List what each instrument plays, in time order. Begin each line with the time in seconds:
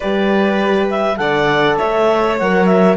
0.00 cello G3, horn G4, violin B4, clarinet D5
0.90 clarinet E5
1.17 cello D3, horn A4, violin D5, clarinet F#5
1.77 cello A3, violin C#5, clarinet E5
2.38 cello F#3, horn A#4, clarinet F#5
2.66 clarinet E5